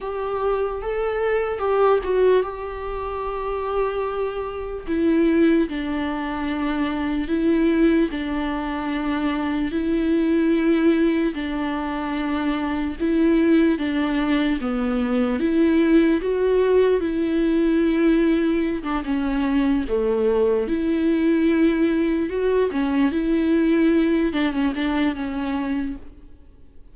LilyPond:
\new Staff \with { instrumentName = "viola" } { \time 4/4 \tempo 4 = 74 g'4 a'4 g'8 fis'8 g'4~ | g'2 e'4 d'4~ | d'4 e'4 d'2 | e'2 d'2 |
e'4 d'4 b4 e'4 | fis'4 e'2~ e'16 d'16 cis'8~ | cis'8 a4 e'2 fis'8 | cis'8 e'4. d'16 cis'16 d'8 cis'4 | }